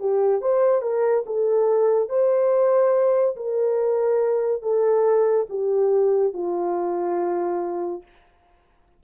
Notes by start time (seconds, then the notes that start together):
0.00 G4
0.41 C5
0.82 A#4
1.26 A4
2.09 C5
3.36 A#4
4.62 A4
5.50 G4
6.33 F4